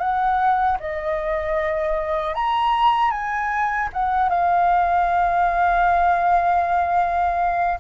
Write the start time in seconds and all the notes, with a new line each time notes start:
0.00 F#5
0.80 D#5
2.35 A#5
3.11 G#5
3.93 F#5
4.29 F5